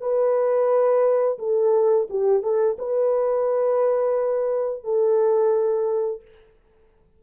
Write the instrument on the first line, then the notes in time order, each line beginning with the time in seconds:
horn
0.00 B4
1.38 A4
2.09 G4
2.42 A4
2.78 B4
4.84 A4